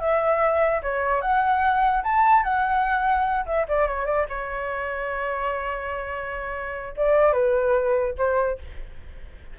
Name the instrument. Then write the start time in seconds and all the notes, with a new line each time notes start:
flute
0.00 E5
0.83 C#5
1.22 F#5
2.04 A5
2.44 F#5
3.46 E5
3.69 D5
3.87 C#5
4.06 D5
4.29 C#5
6.97 D5
7.33 B4
8.18 C5